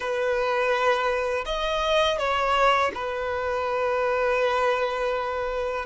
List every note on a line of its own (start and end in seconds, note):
0.00 1.45 B4
1.45 2.18 D#5
2.18 2.91 C#5
2.94 5.85 B4